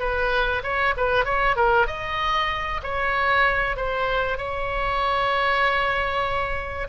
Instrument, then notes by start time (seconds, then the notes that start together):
oboe
0.00 B4
0.63 C#5
0.97 B4
1.25 C#5
1.56 A#4
1.87 D#5
2.83 C#5
3.77 C5
4.38 C#5